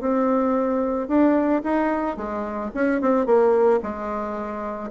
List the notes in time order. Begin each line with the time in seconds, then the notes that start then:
0.00 C4
1.08 D4
1.63 D#4
2.16 G#3
2.74 C#4
3.01 C4
3.26 A#3
3.83 G#3